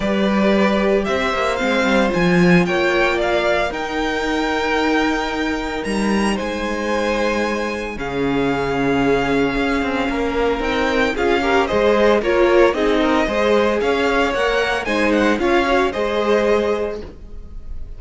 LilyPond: <<
  \new Staff \with { instrumentName = "violin" } { \time 4/4 \tempo 4 = 113 d''2 e''4 f''4 | gis''4 g''4 f''4 g''4~ | g''2. ais''4 | gis''2. f''4~ |
f''1 | g''4 f''4 dis''4 cis''4 | dis''2 f''4 fis''4 | gis''8 fis''8 f''4 dis''2 | }
  \new Staff \with { instrumentName = "violin" } { \time 4/4 b'2 c''2~ | c''4 cis''4 d''4 ais'4~ | ais'1 | c''2. gis'4~ |
gis'2. ais'4~ | ais'4 gis'8 ais'8 c''4 ais'4 | gis'8 ais'8 c''4 cis''2 | c''4 cis''4 c''2 | }
  \new Staff \with { instrumentName = "viola" } { \time 4/4 g'2. c'4 | f'2. dis'4~ | dis'1~ | dis'2. cis'4~ |
cis'1 | dis'4 f'8 g'8 gis'4 f'4 | dis'4 gis'2 ais'4 | dis'4 f'8 fis'8 gis'2 | }
  \new Staff \with { instrumentName = "cello" } { \time 4/4 g2 c'8 ais8 gis8 g8 | f4 ais2 dis'4~ | dis'2. g4 | gis2. cis4~ |
cis2 cis'8 c'8 ais4 | c'4 cis'4 gis4 ais4 | c'4 gis4 cis'4 ais4 | gis4 cis'4 gis2 | }
>>